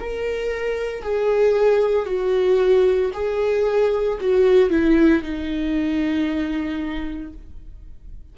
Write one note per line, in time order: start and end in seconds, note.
0.00 1.02 A#4
1.02 2.06 G#4
2.06 3.11 F#4
3.13 4.19 G#4
4.21 4.70 F#4
4.70 5.22 E4
5.23 7.33 D#4